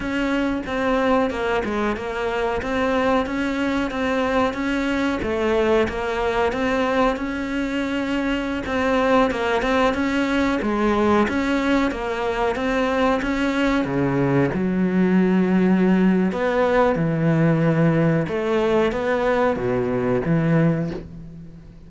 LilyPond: \new Staff \with { instrumentName = "cello" } { \time 4/4 \tempo 4 = 92 cis'4 c'4 ais8 gis8 ais4 | c'4 cis'4 c'4 cis'4 | a4 ais4 c'4 cis'4~ | cis'4~ cis'16 c'4 ais8 c'8 cis'8.~ |
cis'16 gis4 cis'4 ais4 c'8.~ | c'16 cis'4 cis4 fis4.~ fis16~ | fis4 b4 e2 | a4 b4 b,4 e4 | }